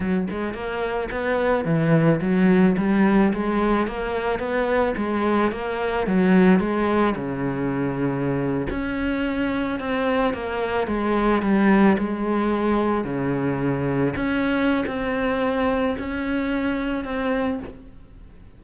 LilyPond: \new Staff \with { instrumentName = "cello" } { \time 4/4 \tempo 4 = 109 fis8 gis8 ais4 b4 e4 | fis4 g4 gis4 ais4 | b4 gis4 ais4 fis4 | gis4 cis2~ cis8. cis'16~ |
cis'4.~ cis'16 c'4 ais4 gis16~ | gis8. g4 gis2 cis16~ | cis4.~ cis16 cis'4~ cis'16 c'4~ | c'4 cis'2 c'4 | }